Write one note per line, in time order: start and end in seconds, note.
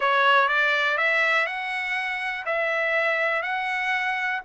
0.00 0.48 C#5
0.48 0.97 D5
0.97 1.46 E5
1.46 2.44 F#5
2.45 3.42 E5
3.42 4.40 F#5